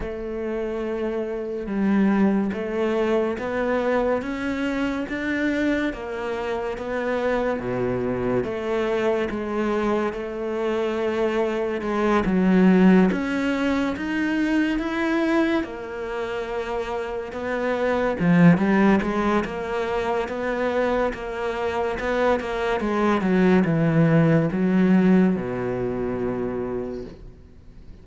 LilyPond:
\new Staff \with { instrumentName = "cello" } { \time 4/4 \tempo 4 = 71 a2 g4 a4 | b4 cis'4 d'4 ais4 | b4 b,4 a4 gis4 | a2 gis8 fis4 cis'8~ |
cis'8 dis'4 e'4 ais4.~ | ais8 b4 f8 g8 gis8 ais4 | b4 ais4 b8 ais8 gis8 fis8 | e4 fis4 b,2 | }